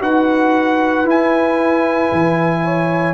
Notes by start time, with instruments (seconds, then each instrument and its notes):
0.00 tuba D#4, trombone F#4, horn B4, trumpet F#5
1.04 tuba E4, trombone E4, trumpet G#5
2.12 tuba E3
2.64 horn C#5